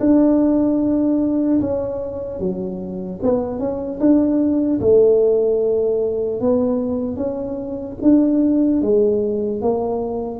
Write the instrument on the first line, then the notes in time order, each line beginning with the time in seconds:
tuba
0.00 D4
1.60 C#4
2.40 F#3
3.22 B3
3.59 C#4
4.00 D4
4.80 A3
6.40 B3
7.16 C#4
8.02 D4
8.82 G#3
9.61 A#3